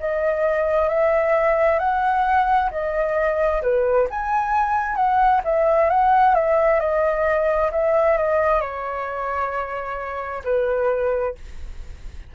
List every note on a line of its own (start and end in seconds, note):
0.00 0.89 D#5
0.89 1.79 E5
1.79 2.70 F#5
2.71 3.62 D#5
3.62 4.08 B4
4.10 4.96 G#5
4.96 5.41 F#5
5.45 5.90 E5
5.90 6.35 F#5
6.35 6.80 E5
6.80 7.71 D#5
7.72 8.17 E5
8.17 8.61 D#5
8.61 10.43 C#5
10.44 11.35 B4